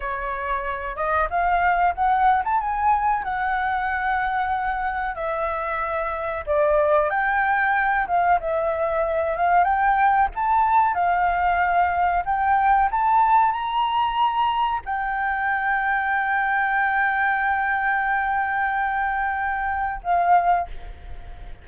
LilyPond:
\new Staff \with { instrumentName = "flute" } { \time 4/4 \tempo 4 = 93 cis''4. dis''8 f''4 fis''8. a''16 | gis''4 fis''2. | e''2 d''4 g''4~ | g''8 f''8 e''4. f''8 g''4 |
a''4 f''2 g''4 | a''4 ais''2 g''4~ | g''1~ | g''2. f''4 | }